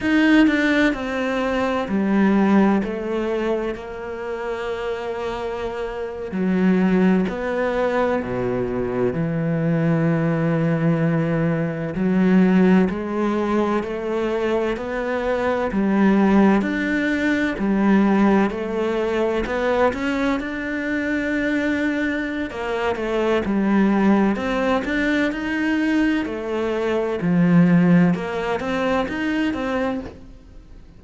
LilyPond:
\new Staff \with { instrumentName = "cello" } { \time 4/4 \tempo 4 = 64 dis'8 d'8 c'4 g4 a4 | ais2~ ais8. fis4 b16~ | b8. b,4 e2~ e16~ | e8. fis4 gis4 a4 b16~ |
b8. g4 d'4 g4 a16~ | a8. b8 cis'8 d'2~ d'16 | ais8 a8 g4 c'8 d'8 dis'4 | a4 f4 ais8 c'8 dis'8 c'8 | }